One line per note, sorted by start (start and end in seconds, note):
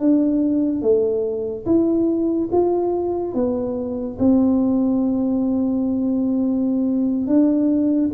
0.00 0.82 D4
0.82 1.66 A3
1.66 2.50 E4
2.52 3.34 F4
3.34 4.18 B3
4.20 7.27 C4
7.27 8.11 D4